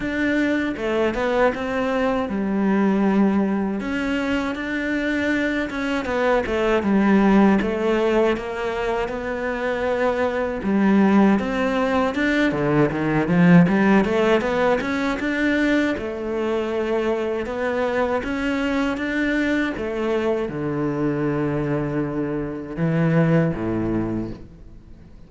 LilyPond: \new Staff \with { instrumentName = "cello" } { \time 4/4 \tempo 4 = 79 d'4 a8 b8 c'4 g4~ | g4 cis'4 d'4. cis'8 | b8 a8 g4 a4 ais4 | b2 g4 c'4 |
d'8 d8 dis8 f8 g8 a8 b8 cis'8 | d'4 a2 b4 | cis'4 d'4 a4 d4~ | d2 e4 a,4 | }